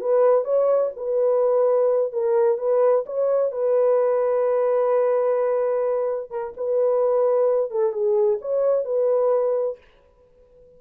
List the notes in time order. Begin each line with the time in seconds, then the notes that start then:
0.00 B4
0.44 C#5
0.96 B4
2.12 A#4
2.58 B4
3.05 C#5
3.51 B4
6.30 A#4
6.56 B4
7.70 A4
7.92 G#4
8.41 C#5
8.84 B4